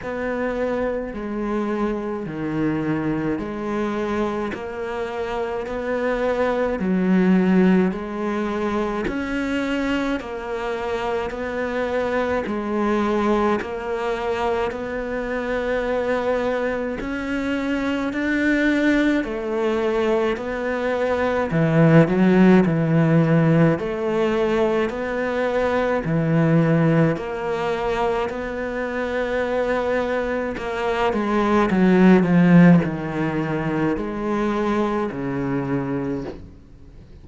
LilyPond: \new Staff \with { instrumentName = "cello" } { \time 4/4 \tempo 4 = 53 b4 gis4 dis4 gis4 | ais4 b4 fis4 gis4 | cis'4 ais4 b4 gis4 | ais4 b2 cis'4 |
d'4 a4 b4 e8 fis8 | e4 a4 b4 e4 | ais4 b2 ais8 gis8 | fis8 f8 dis4 gis4 cis4 | }